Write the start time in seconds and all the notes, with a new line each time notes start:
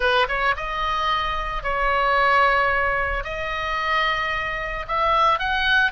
0.00 B4
0.28 C#5
0.56 D#5
1.63 C#5
3.24 D#5
4.87 E5
5.39 F#5